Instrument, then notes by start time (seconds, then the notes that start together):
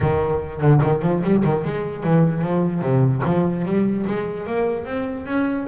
double bass
0.00 D#3
0.61 D3
0.82 D#3
1.02 F3
1.23 G3
1.44 D#3
1.64 G#3
2.03 E3
2.41 F3
2.81 C3
3.24 F3
3.65 G3
4.07 G#3
4.46 A#3
4.85 C4
5.26 C#4